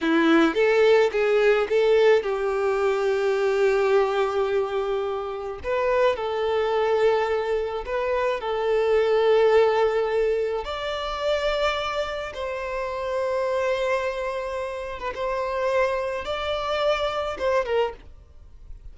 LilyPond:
\new Staff \with { instrumentName = "violin" } { \time 4/4 \tempo 4 = 107 e'4 a'4 gis'4 a'4 | g'1~ | g'2 b'4 a'4~ | a'2 b'4 a'4~ |
a'2. d''4~ | d''2 c''2~ | c''2~ c''8. b'16 c''4~ | c''4 d''2 c''8 ais'8 | }